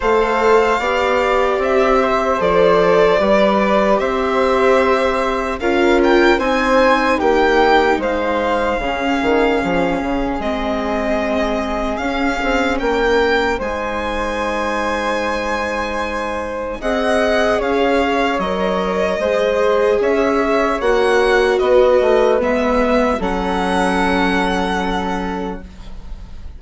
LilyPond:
<<
  \new Staff \with { instrumentName = "violin" } { \time 4/4 \tempo 4 = 75 f''2 e''4 d''4~ | d''4 e''2 f''8 g''8 | gis''4 g''4 f''2~ | f''4 dis''2 f''4 |
g''4 gis''2.~ | gis''4 fis''4 f''4 dis''4~ | dis''4 e''4 fis''4 dis''4 | e''4 fis''2. | }
  \new Staff \with { instrumentName = "flute" } { \time 4/4 c''4 d''4. c''4. | b'4 c''2 ais'4 | c''4 g'4 c''4 gis'4~ | gis'1 |
ais'4 c''2.~ | c''4 dis''4 cis''2 | c''4 cis''2 b'4~ | b'4 a'2. | }
  \new Staff \with { instrumentName = "viola" } { \time 4/4 a'4 g'2 a'4 | g'2. f'4 | dis'2. cis'4~ | cis'4 c'2 cis'4~ |
cis'4 dis'2.~ | dis'4 gis'2 ais'4 | gis'2 fis'2 | b4 cis'2. | }
  \new Staff \with { instrumentName = "bassoon" } { \time 4/4 a4 b4 c'4 f4 | g4 c'2 cis'4 | c'4 ais4 gis4 cis8 dis8 | f8 cis8 gis2 cis'8 c'8 |
ais4 gis2.~ | gis4 c'4 cis'4 fis4 | gis4 cis'4 ais4 b8 a8 | gis4 fis2. | }
>>